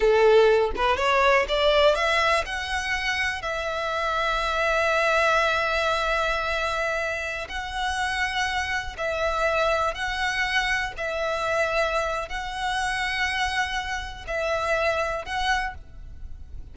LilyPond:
\new Staff \with { instrumentName = "violin" } { \time 4/4 \tempo 4 = 122 a'4. b'8 cis''4 d''4 | e''4 fis''2 e''4~ | e''1~ | e''2.~ e''16 fis''8.~ |
fis''2~ fis''16 e''4.~ e''16~ | e''16 fis''2 e''4.~ e''16~ | e''4 fis''2.~ | fis''4 e''2 fis''4 | }